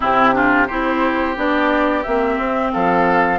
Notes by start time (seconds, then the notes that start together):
0.00 C3 C4 E4 G4
0.32 D4 F4
0.67 C4 E4 G4 C5
1.36 B3 D4 D5
2.03 A#3 C4 E5
2.38 C4
2.73 F3 A4 F5